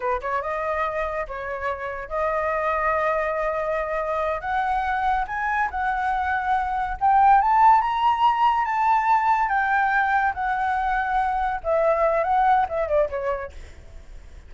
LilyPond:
\new Staff \with { instrumentName = "flute" } { \time 4/4 \tempo 4 = 142 b'8 cis''8 dis''2 cis''4~ | cis''4 dis''2.~ | dis''2~ dis''8 fis''4.~ | fis''8 gis''4 fis''2~ fis''8~ |
fis''8 g''4 a''4 ais''4.~ | ais''8 a''2 g''4.~ | g''8 fis''2. e''8~ | e''4 fis''4 e''8 d''8 cis''4 | }